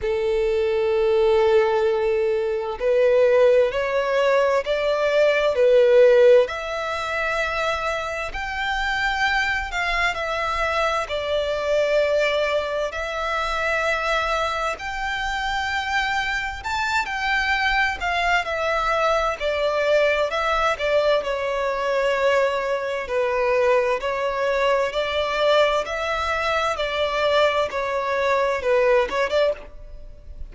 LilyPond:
\new Staff \with { instrumentName = "violin" } { \time 4/4 \tempo 4 = 65 a'2. b'4 | cis''4 d''4 b'4 e''4~ | e''4 g''4. f''8 e''4 | d''2 e''2 |
g''2 a''8 g''4 f''8 | e''4 d''4 e''8 d''8 cis''4~ | cis''4 b'4 cis''4 d''4 | e''4 d''4 cis''4 b'8 cis''16 d''16 | }